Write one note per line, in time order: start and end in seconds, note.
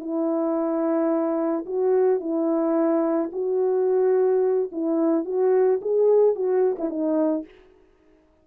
0.00 1.65 E4
1.66 2.20 F#4
2.20 3.30 E4
3.32 4.70 F#4
4.72 5.25 E4
5.25 5.80 F#4
5.81 6.35 G#4
6.35 6.77 F#4
6.79 6.90 E4
6.90 7.45 D#4